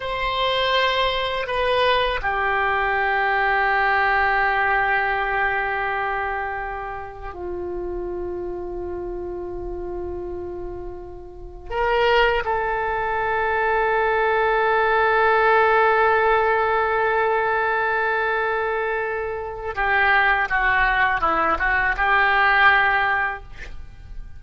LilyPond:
\new Staff \with { instrumentName = "oboe" } { \time 4/4 \tempo 4 = 82 c''2 b'4 g'4~ | g'1~ | g'2 f'2~ | f'1 |
ais'4 a'2.~ | a'1~ | a'2. g'4 | fis'4 e'8 fis'8 g'2 | }